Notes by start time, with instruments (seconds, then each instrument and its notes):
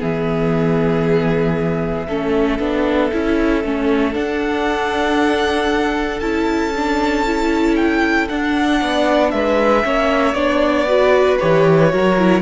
0.00 cello E3, viola B3, violin G#4 E5
2.08 cello A3, viola C#4, violin A4
2.60 cello B3, viola D4
3.13 cello C#4, viola E4
3.64 cello A3, viola C#4
4.13 viola D4, cello D4, violin F#5
6.20 cello C#4, viola E4, violin A5
6.77 viola D4
7.26 viola E4
7.76 violin G5
8.29 viola D4, cello D4, violin F#5
8.82 cello B3, violin D5
9.31 cello G#3, violin B4 E5
9.84 cello A#3, viola C#4, violin C#5
10.34 cello B3, viola D4, violin D5
10.88 viola F#4, violin B4
11.39 cello E3, viola G4, violin C#5
11.90 cello F#3, viola F#4, violin A#4
12.18 viola E4